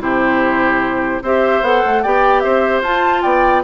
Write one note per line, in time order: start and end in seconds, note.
0.00 1.21 C3
0.00 1.22 E4
0.00 1.23 G4
0.00 1.22 C5
1.22 1.62 C4
1.22 1.64 G4
1.22 2.03 C5
1.22 1.64 E5
1.62 1.82 B3
1.62 2.04 A4
1.62 2.03 F#5
1.86 2.05 A3
2.03 2.44 B3
2.03 2.84 G4
2.03 2.43 D5
2.03 2.40 G5
2.40 2.82 C4
2.40 3.23 C5
2.40 2.81 E5
2.82 3.22 F4
2.82 3.64 F4
2.82 3.22 A5
3.22 3.64 B3
3.22 3.63 D5
3.22 3.63 G5